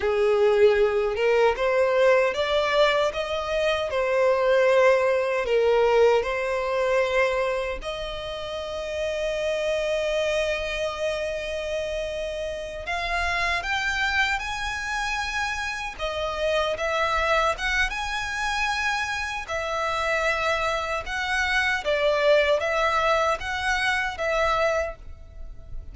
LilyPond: \new Staff \with { instrumentName = "violin" } { \time 4/4 \tempo 4 = 77 gis'4. ais'8 c''4 d''4 | dis''4 c''2 ais'4 | c''2 dis''2~ | dis''1~ |
dis''8 f''4 g''4 gis''4.~ | gis''8 dis''4 e''4 fis''8 gis''4~ | gis''4 e''2 fis''4 | d''4 e''4 fis''4 e''4 | }